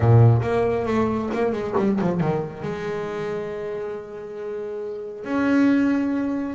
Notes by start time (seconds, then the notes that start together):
0.00 A#2
0.42 A#3
0.85 A3
1.33 A#3
1.52 G#3
1.77 G3
2.00 F3
2.20 D#3
2.62 G#3
5.24 C#4